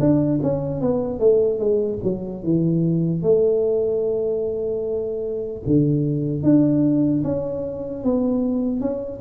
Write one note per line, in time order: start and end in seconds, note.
0.00 0.40 D4
0.43 0.81 C#4
0.81 1.20 B3
1.20 1.59 A3
1.59 1.99 G#3
2.04 2.44 F#3
2.44 3.23 E3
3.23 5.63 A3
5.66 6.43 D3
6.43 7.23 D4
7.24 8.04 C#4
8.04 8.80 B3
8.80 9.20 C#4